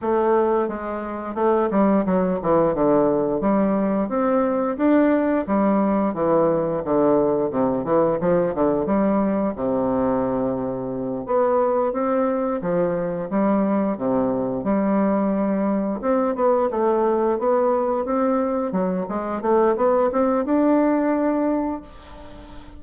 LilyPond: \new Staff \with { instrumentName = "bassoon" } { \time 4/4 \tempo 4 = 88 a4 gis4 a8 g8 fis8 e8 | d4 g4 c'4 d'4 | g4 e4 d4 c8 e8 | f8 d8 g4 c2~ |
c8 b4 c'4 f4 g8~ | g8 c4 g2 c'8 | b8 a4 b4 c'4 fis8 | gis8 a8 b8 c'8 d'2 | }